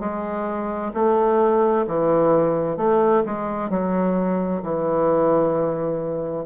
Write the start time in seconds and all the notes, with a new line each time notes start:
0.00 G#3
0.94 A3
1.87 E3
2.77 A3
3.26 G#3
3.70 F#3
4.62 E3